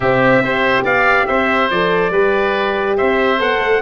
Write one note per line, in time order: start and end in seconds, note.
0.00 0.40 C3
0.00 0.44 C4
0.00 0.42 G4
0.00 0.84 E5
0.40 0.83 C4
0.40 1.72 G4
0.40 0.84 C5
0.83 1.26 B3
0.83 1.26 D5
0.83 1.27 F5
1.27 1.70 C4
1.27 2.11 C5
1.27 1.69 E5
1.70 2.09 F3
1.70 2.13 A4
1.70 2.97 D5
2.09 2.95 G3
2.09 3.38 G4
2.09 2.97 B4
2.97 3.40 C4
2.97 3.82 C5
2.97 3.39 E5
3.38 3.58 B3
3.38 3.81 A4
3.38 3.82 F#5
3.58 3.79 A3